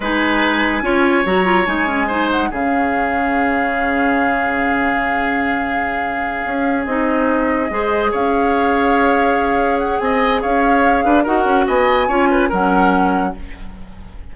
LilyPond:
<<
  \new Staff \with { instrumentName = "flute" } { \time 4/4 \tempo 4 = 144 gis''2. ais''4 | gis''4. fis''8 f''2~ | f''1~ | f''1~ |
f''8 dis''2. f''8~ | f''2.~ f''8 fis''8 | gis''4 f''2 fis''4 | gis''2 fis''2 | }
  \new Staff \with { instrumentName = "oboe" } { \time 4/4 b'2 cis''2~ | cis''4 c''4 gis'2~ | gis'1~ | gis'1~ |
gis'2~ gis'8 c''4 cis''8~ | cis''1 | dis''4 cis''4. b'8 ais'4 | dis''4 cis''8 b'8 ais'2 | }
  \new Staff \with { instrumentName = "clarinet" } { \time 4/4 dis'2 f'4 fis'8 f'8 | dis'8 cis'8 dis'4 cis'2~ | cis'1~ | cis'1~ |
cis'8 dis'2 gis'4.~ | gis'1~ | gis'2. fis'4~ | fis'4 f'4 cis'2 | }
  \new Staff \with { instrumentName = "bassoon" } { \time 4/4 gis2 cis'4 fis4 | gis2 cis2~ | cis1~ | cis2.~ cis8 cis'8~ |
cis'8 c'2 gis4 cis'8~ | cis'1 | c'4 cis'4. d'8 dis'8 cis'8 | b4 cis'4 fis2 | }
>>